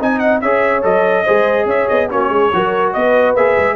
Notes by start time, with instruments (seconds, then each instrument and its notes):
0.00 tuba C4, trombone D#4, horn D#5, trumpet G#5
0.19 trumpet F#5
0.42 tuba C#4, trombone G#4, horn C#5, trumpet E5
0.83 tuba F#3, trombone A4, trumpet D#5
1.25 tuba G#3, trombone G#4, horn C5
1.66 tuba C#4, horn C#5, trumpet E5
1.89 tuba B3, trumpet D#5
2.10 tuba A#3, trombone C#4, horn F#4, trumpet C#5
2.30 tuba G#3, horn G#4
2.54 tuba F#3, trombone F#4, horn A#4
2.93 tuba B3, horn B4, trumpet D#5
3.35 tuba A#3, trombone G#4, trumpet E5
3.58 tuba G#3